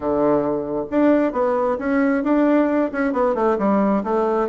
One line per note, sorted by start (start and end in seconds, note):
0.00 0.85 D3
0.90 1.32 D4
1.32 1.77 B3
1.78 2.23 C#4
2.23 2.90 D4
2.91 3.12 C#4
3.12 3.34 B3
3.34 3.57 A3
3.58 4.03 G3
4.03 4.48 A3